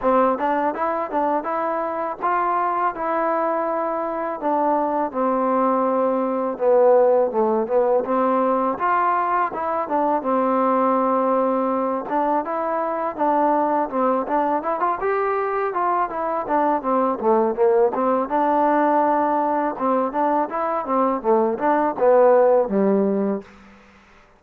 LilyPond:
\new Staff \with { instrumentName = "trombone" } { \time 4/4 \tempo 4 = 82 c'8 d'8 e'8 d'8 e'4 f'4 | e'2 d'4 c'4~ | c'4 b4 a8 b8 c'4 | f'4 e'8 d'8 c'2~ |
c'8 d'8 e'4 d'4 c'8 d'8 | e'16 f'16 g'4 f'8 e'8 d'8 c'8 a8 | ais8 c'8 d'2 c'8 d'8 | e'8 c'8 a8 d'8 b4 g4 | }